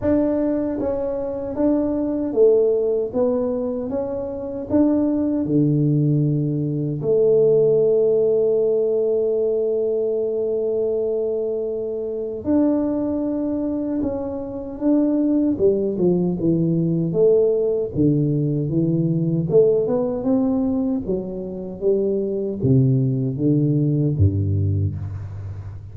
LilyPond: \new Staff \with { instrumentName = "tuba" } { \time 4/4 \tempo 4 = 77 d'4 cis'4 d'4 a4 | b4 cis'4 d'4 d4~ | d4 a2.~ | a1 |
d'2 cis'4 d'4 | g8 f8 e4 a4 d4 | e4 a8 b8 c'4 fis4 | g4 c4 d4 g,4 | }